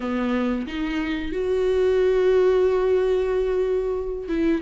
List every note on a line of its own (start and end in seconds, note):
0.00 0.66 B3
0.67 1.32 D#4
1.32 4.28 F#4
4.28 4.61 E4